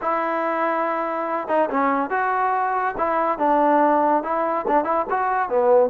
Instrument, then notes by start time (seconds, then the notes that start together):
trombone
0.01 E4
1.48 D#4
1.70 C#4
2.10 F#4
2.97 E4
3.38 D4
4.23 E4
4.67 D4
4.84 E4
5.09 F#4
5.49 B3